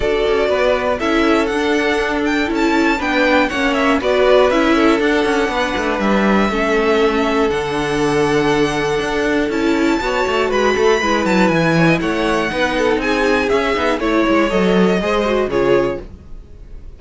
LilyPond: <<
  \new Staff \with { instrumentName = "violin" } { \time 4/4 \tempo 4 = 120 d''2 e''4 fis''4~ | fis''8 g''8 a''4 g''4 fis''8 e''8 | d''4 e''4 fis''2 | e''2. fis''4~ |
fis''2. a''4~ | a''4 b''4. a''8 gis''4 | fis''2 gis''4 e''4 | cis''4 dis''2 cis''4 | }
  \new Staff \with { instrumentName = "violin" } { \time 4/4 a'4 b'4 a'2~ | a'2 b'4 cis''4 | b'4. a'4. b'4~ | b'4 a'2.~ |
a'1 | cis''4 b'8 a'8 b'4. cis''16 dis''16 | cis''4 b'8 a'8 gis'2 | cis''2 c''4 gis'4 | }
  \new Staff \with { instrumentName = "viola" } { \time 4/4 fis'2 e'4 d'4~ | d'4 e'4 d'4 cis'4 | fis'4 e'4 d'2~ | d'4 cis'2 d'4~ |
d'2. e'4 | fis'2 e'2~ | e'4 dis'2 cis'8 dis'8 | e'4 a'4 gis'8 fis'8 f'4 | }
  \new Staff \with { instrumentName = "cello" } { \time 4/4 d'8 cis'8 b4 cis'4 d'4~ | d'4 cis'4 b4 ais4 | b4 cis'4 d'8 cis'8 b8 a8 | g4 a2 d4~ |
d2 d'4 cis'4 | b8 a8 gis8 a8 gis8 fis8 e4 | a4 b4 c'4 cis'8 b8 | a8 gis8 fis4 gis4 cis4 | }
>>